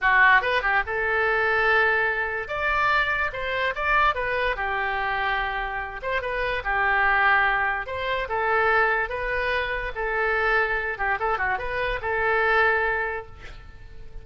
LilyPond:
\new Staff \with { instrumentName = "oboe" } { \time 4/4 \tempo 4 = 145 fis'4 b'8 g'8 a'2~ | a'2 d''2 | c''4 d''4 b'4 g'4~ | g'2~ g'8 c''8 b'4 |
g'2. c''4 | a'2 b'2 | a'2~ a'8 g'8 a'8 fis'8 | b'4 a'2. | }